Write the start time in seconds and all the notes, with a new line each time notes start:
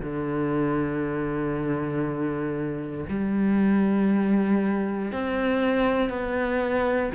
0.00 D3
3.09 G3
5.12 C4
6.10 B3